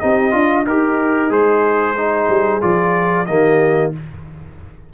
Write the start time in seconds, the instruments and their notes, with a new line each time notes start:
0.00 tuba C4, trombone D#4, horn G4, trumpet D#5
0.31 tuba D4, trombone F4, horn F4
0.66 tuba D#4, horn D#4, trombone G4, trumpet A#4
1.29 tuba G#3, trombone G#4, trumpet C5
1.97 trombone D#4, horn G#4
2.29 tuba G3
2.61 tuba F3, trombone F4, trumpet D5
3.26 tuba D#3, trombone A#3, horn G4, trumpet D#5